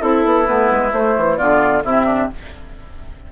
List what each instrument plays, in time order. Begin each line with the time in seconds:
0.00 bassoon C4, clarinet E4, oboe E4, flute A4
0.25 bassoon B3
0.44 bassoon A3, clarinet B3, flute B4
0.70 bassoon G#3
0.92 bassoon A3, clarinet A3, flute C5
1.17 bassoon E3
1.37 bassoon D3, clarinet B3, oboe F4, flute D5
1.83 bassoon C3, clarinet C4, oboe E4, flute E5
2.05 oboe D4